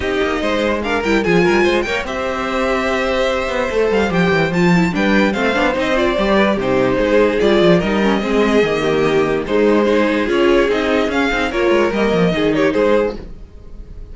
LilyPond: <<
  \new Staff \with { instrumentName = "violin" } { \time 4/4 \tempo 4 = 146 dis''2 f''8 g''8 gis''4~ | gis''8 g''8 e''2.~ | e''4. f''8 g''4 a''4 | g''4 f''4 dis''8 d''4. |
c''2 d''4 dis''4~ | dis''2. c''4~ | c''4 cis''4 dis''4 f''4 | cis''4 dis''4. cis''8 c''4 | }
  \new Staff \with { instrumentName = "violin" } { \time 4/4 g'4 c''4 ais'4 gis'8 ais'8 | c''8 cis''8 c''2.~ | c''1 | b'4 c''2~ c''8 b'8 |
g'4 gis'2 ais'4 | gis'4. g'4. dis'4 | gis'1 | ais'2 gis'8 g'8 gis'4 | }
  \new Staff \with { instrumentName = "viola" } { \time 4/4 dis'2 d'8 e'8 f'4~ | f'8 ais'8 g'2.~ | g'4 a'4 g'4 f'8 e'8 | d'4 c'8 d'8 dis'8 f'8 g'4 |
dis'2 f'4 dis'8 cis'8 | c'4 ais2 gis4 | dis'4 f'4 dis'4 cis'8 dis'8 | f'4 ais4 dis'2 | }
  \new Staff \with { instrumentName = "cello" } { \time 4/4 c'8 ais8 gis4. g8 f8 g8 | gis8 ais8 c'2.~ | c'8 b8 a8 g8 f8 e8 f4 | g4 a8 b8 c'4 g4 |
c4 gis4 g8 f8 g4 | gis4 dis2 gis4~ | gis4 cis'4 c'4 cis'8 c'8 | ais8 gis8 g8 f8 dis4 gis4 | }
>>